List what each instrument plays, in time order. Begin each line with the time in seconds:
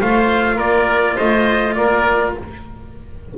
0.00 double bass A3, cello F4, oboe C5, trumpet F5
0.56 double bass A#3, oboe A#4, trumpet D5
1.16 double bass A3, oboe C5, trumpet D#5
1.75 double bass A#3, oboe A#4, trumpet D5